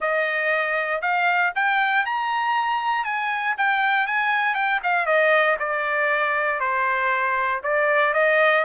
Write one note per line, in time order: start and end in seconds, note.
0.00 1.01 D#5
1.01 1.52 F5
1.55 2.05 G5
2.05 3.04 A#5
3.04 3.55 G#5
3.57 4.07 G5
4.07 4.54 G#5
4.54 4.80 G5
4.83 5.05 F5
5.05 5.56 D#5
5.59 6.60 D5
6.60 7.61 C5
7.63 8.13 D5
8.13 8.64 D#5